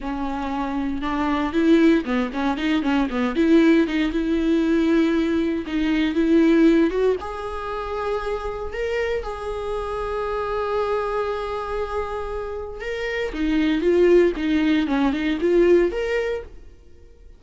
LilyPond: \new Staff \with { instrumentName = "viola" } { \time 4/4 \tempo 4 = 117 cis'2 d'4 e'4 | b8 cis'8 dis'8 cis'8 b8 e'4 dis'8 | e'2. dis'4 | e'4. fis'8 gis'2~ |
gis'4 ais'4 gis'2~ | gis'1~ | gis'4 ais'4 dis'4 f'4 | dis'4 cis'8 dis'8 f'4 ais'4 | }